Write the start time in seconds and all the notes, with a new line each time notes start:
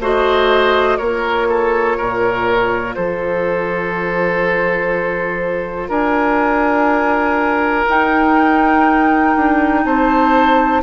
0.00 A3 F#4 C5 D#5
0.97 A#3 F4 A#4 C#5
1.49 A4
1.97 A#2 A#4
2.94 F3 A4 C5
5.88 D4 A#4 G#5
7.88 D#4 G5
9.36 D4
9.85 C4 C5 A5